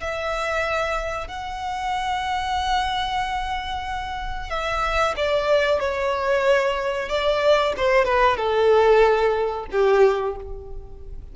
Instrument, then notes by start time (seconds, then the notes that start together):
violin
0.00 E5
1.27 F#5
4.50 E5
5.16 D5
5.79 C#5
7.08 D5
7.76 C5
8.04 B4
8.36 A4
9.71 G4